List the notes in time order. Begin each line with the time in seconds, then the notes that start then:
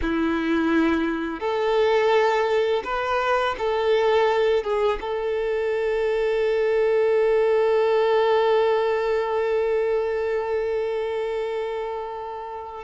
0.01 E4
1.40 A4
2.84 B4
3.58 A4
4.63 G#4
5.00 A4